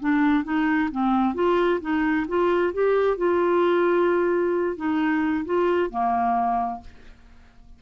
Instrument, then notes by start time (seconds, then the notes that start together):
clarinet
0.00 D4
0.44 D#4
0.91 C4
1.34 F4
1.81 D#4
2.28 F4
2.73 G4
3.17 F4
4.76 D#4
5.45 F4
5.90 A#3